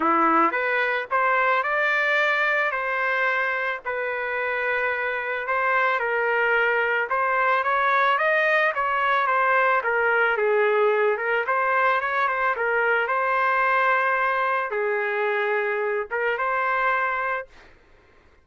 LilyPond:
\new Staff \with { instrumentName = "trumpet" } { \time 4/4 \tempo 4 = 110 e'4 b'4 c''4 d''4~ | d''4 c''2 b'4~ | b'2 c''4 ais'4~ | ais'4 c''4 cis''4 dis''4 |
cis''4 c''4 ais'4 gis'4~ | gis'8 ais'8 c''4 cis''8 c''8 ais'4 | c''2. gis'4~ | gis'4. ais'8 c''2 | }